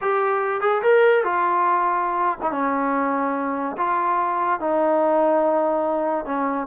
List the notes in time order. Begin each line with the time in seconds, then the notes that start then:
0.01 G4
0.61 G#4
0.82 A#4
1.24 F4
2.42 D#4
2.51 C#4
3.77 F4
4.59 D#4
6.25 C#4